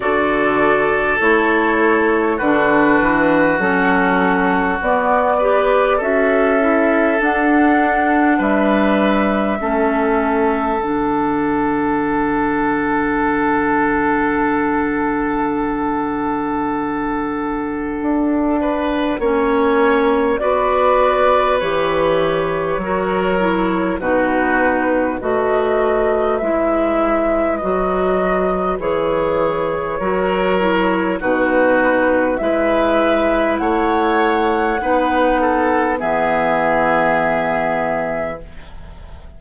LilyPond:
<<
  \new Staff \with { instrumentName = "flute" } { \time 4/4 \tempo 4 = 50 d''4 cis''4 b'4 a'4 | d''4 e''4 fis''4 e''4~ | e''4 fis''2.~ | fis''1~ |
fis''4 d''4 cis''2 | b'4 dis''4 e''4 dis''4 | cis''2 b'4 e''4 | fis''2 e''2 | }
  \new Staff \with { instrumentName = "oboe" } { \time 4/4 a'2 fis'2~ | fis'8 b'8 a'2 b'4 | a'1~ | a'2.~ a'8 b'8 |
cis''4 b'2 ais'4 | fis'4 b'2.~ | b'4 ais'4 fis'4 b'4 | cis''4 b'8 a'8 gis'2 | }
  \new Staff \with { instrumentName = "clarinet" } { \time 4/4 fis'4 e'4 d'4 cis'4 | b8 g'8 fis'8 e'8 d'2 | cis'4 d'2.~ | d'1 |
cis'4 fis'4 g'4 fis'8 e'8 | dis'4 fis'4 e'4 fis'4 | gis'4 fis'8 e'8 dis'4 e'4~ | e'4 dis'4 b2 | }
  \new Staff \with { instrumentName = "bassoon" } { \time 4/4 d4 a4 d8 e8 fis4 | b4 cis'4 d'4 g4 | a4 d2.~ | d2. d'4 |
ais4 b4 e4 fis4 | b,4 a4 gis4 fis4 | e4 fis4 b,4 gis4 | a4 b4 e2 | }
>>